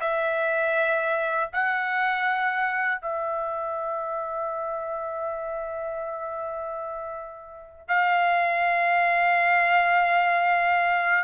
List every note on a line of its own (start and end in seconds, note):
0.00 1.50 E5
1.52 3.01 F#5
3.01 7.88 E5
7.88 11.23 F5